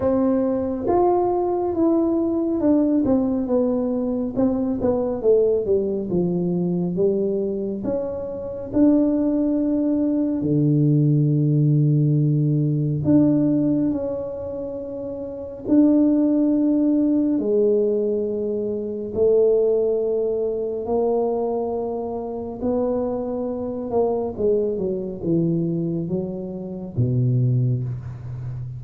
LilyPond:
\new Staff \with { instrumentName = "tuba" } { \time 4/4 \tempo 4 = 69 c'4 f'4 e'4 d'8 c'8 | b4 c'8 b8 a8 g8 f4 | g4 cis'4 d'2 | d2. d'4 |
cis'2 d'2 | gis2 a2 | ais2 b4. ais8 | gis8 fis8 e4 fis4 b,4 | }